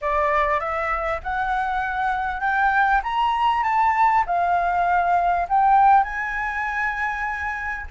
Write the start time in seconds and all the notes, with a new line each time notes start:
0.01 D5
0.60 E5
1.23 F#5
2.40 G5
3.03 A#5
3.63 A5
4.26 F5
5.48 G5
6.03 G#5